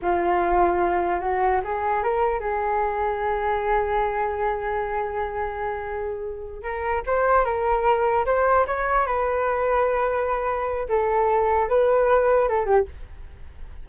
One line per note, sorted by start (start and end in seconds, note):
0.02 1.20 F4
1.20 1.60 F#4
1.64 2.03 G#4
2.03 2.40 A#4
2.40 6.62 G#4
6.62 7.02 A#4
7.06 7.44 C5
7.44 8.25 A#4
8.25 8.66 C5
8.66 9.06 C#5
9.06 10.87 B4
10.88 11.68 A4
11.68 12.48 B4
12.48 12.65 A4
12.65 12.85 G4